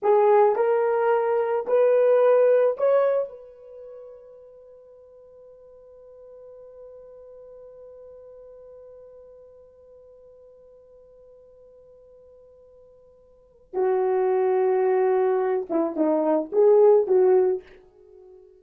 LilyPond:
\new Staff \with { instrumentName = "horn" } { \time 4/4 \tempo 4 = 109 gis'4 ais'2 b'4~ | b'4 cis''4 b'2~ | b'1~ | b'1~ |
b'1~ | b'1~ | b'4 fis'2.~ | fis'8 e'8 dis'4 gis'4 fis'4 | }